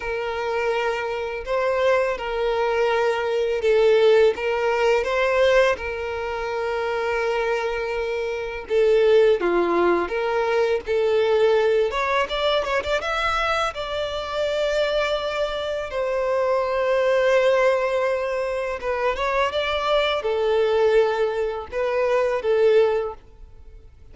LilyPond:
\new Staff \with { instrumentName = "violin" } { \time 4/4 \tempo 4 = 83 ais'2 c''4 ais'4~ | ais'4 a'4 ais'4 c''4 | ais'1 | a'4 f'4 ais'4 a'4~ |
a'8 cis''8 d''8 cis''16 d''16 e''4 d''4~ | d''2 c''2~ | c''2 b'8 cis''8 d''4 | a'2 b'4 a'4 | }